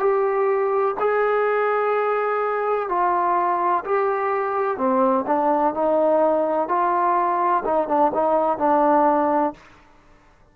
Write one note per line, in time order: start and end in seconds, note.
0.00 0.95 G4
1.00 2.90 G#4
2.90 3.85 F4
3.86 4.78 G4
4.78 5.26 C4
5.27 5.74 D4
5.74 6.69 D#4
6.69 7.64 F4
7.65 7.88 D#4
7.88 8.12 D4
8.15 8.59 D#4
8.59 9.54 D4